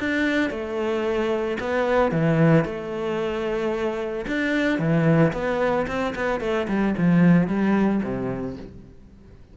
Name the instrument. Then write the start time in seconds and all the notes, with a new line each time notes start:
cello
0.00 D4
0.51 A3
1.60 B3
2.12 E3
2.65 A3
4.28 D4
4.79 E3
5.34 B3
5.88 C4
6.16 B3
6.41 A3
6.69 G3
6.98 F3
7.48 G3
8.04 C3